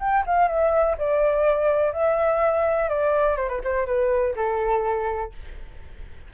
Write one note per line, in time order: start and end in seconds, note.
0.00 0.24 G5
0.27 0.48 F5
0.48 0.97 E5
0.98 1.93 D5
1.93 2.89 E5
2.89 3.37 D5
3.37 3.49 C5
3.49 3.61 B4
3.64 3.87 C5
3.87 4.35 B4
4.36 5.33 A4